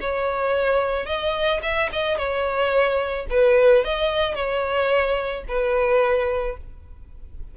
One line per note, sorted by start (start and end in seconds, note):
0.00 1.06 C#5
1.06 1.60 D#5
1.62 1.89 E5
1.92 2.17 D#5
2.17 3.26 C#5
3.30 3.84 B4
3.84 4.35 D#5
4.35 5.44 C#5
5.48 6.57 B4